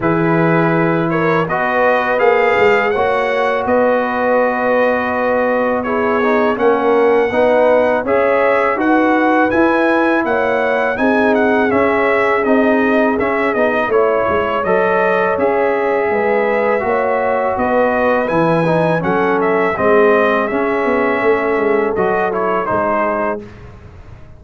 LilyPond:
<<
  \new Staff \with { instrumentName = "trumpet" } { \time 4/4 \tempo 4 = 82 b'4. cis''8 dis''4 f''4 | fis''4 dis''2. | cis''4 fis''2 e''4 | fis''4 gis''4 fis''4 gis''8 fis''8 |
e''4 dis''4 e''8 dis''8 cis''4 | dis''4 e''2. | dis''4 gis''4 fis''8 e''8 dis''4 | e''2 dis''8 cis''8 c''4 | }
  \new Staff \with { instrumentName = "horn" } { \time 4/4 gis'4. ais'8 b'2 | cis''4 b'2. | gis'4 ais'4 b'4 cis''4 | b'2 cis''4 gis'4~ |
gis'2. cis''4~ | cis''2 b'4 cis''4 | b'2 a'4 gis'4~ | gis'4 a'2 gis'4 | }
  \new Staff \with { instrumentName = "trombone" } { \time 4/4 e'2 fis'4 gis'4 | fis'1 | e'8 dis'8 cis'4 dis'4 gis'4 | fis'4 e'2 dis'4 |
cis'4 dis'4 cis'8 dis'8 e'4 | a'4 gis'2 fis'4~ | fis'4 e'8 dis'8 cis'4 c'4 | cis'2 fis'8 e'8 dis'4 | }
  \new Staff \with { instrumentName = "tuba" } { \time 4/4 e2 b4 ais8 gis8 | ais4 b2.~ | b4 ais4 b4 cis'4 | dis'4 e'4 ais4 c'4 |
cis'4 c'4 cis'8 b8 a8 gis8 | fis4 cis'4 gis4 ais4 | b4 e4 fis4 gis4 | cis'8 b8 a8 gis8 fis4 gis4 | }
>>